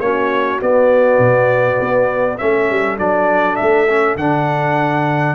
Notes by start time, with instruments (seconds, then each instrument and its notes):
0.00 tuba A#3, trombone C#4, horn F#4, trumpet C#5
0.61 trombone B3, tuba B3, trumpet D5
1.19 tuba B2
1.81 tuba B3
2.38 tuba A3, trombone C#4, horn A4, trumpet E5
2.71 tuba G3
2.99 tuba F#3, trombone D4, trumpet D5
3.56 tuba A3, trumpet E5
3.89 trombone C#4
4.17 tuba D3, trombone D4, trumpet F#5